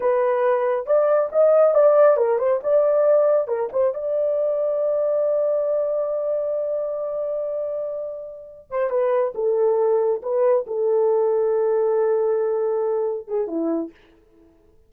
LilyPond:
\new Staff \with { instrumentName = "horn" } { \time 4/4 \tempo 4 = 138 b'2 d''4 dis''4 | d''4 ais'8 c''8 d''2 | ais'8 c''8 d''2.~ | d''1~ |
d''1 | c''8 b'4 a'2 b'8~ | b'8 a'2.~ a'8~ | a'2~ a'8 gis'8 e'4 | }